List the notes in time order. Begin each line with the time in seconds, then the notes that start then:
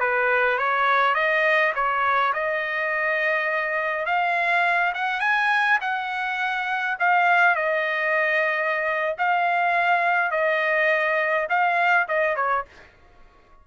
0.00 B4
0.58 C#5
1.15 D#5
1.75 C#5
2.34 D#5
4.06 F5
4.95 F#5
5.21 G#5
5.81 F#5
6.99 F5
7.56 D#5
9.18 F5
10.31 D#5
11.49 F5
12.08 D#5
12.36 C#5